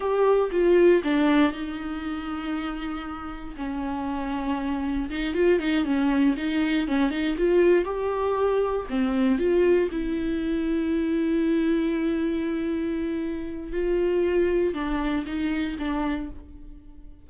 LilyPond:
\new Staff \with { instrumentName = "viola" } { \time 4/4 \tempo 4 = 118 g'4 f'4 d'4 dis'4~ | dis'2. cis'4~ | cis'2 dis'8 f'8 dis'8 cis'8~ | cis'8 dis'4 cis'8 dis'8 f'4 g'8~ |
g'4. c'4 f'4 e'8~ | e'1~ | e'2. f'4~ | f'4 d'4 dis'4 d'4 | }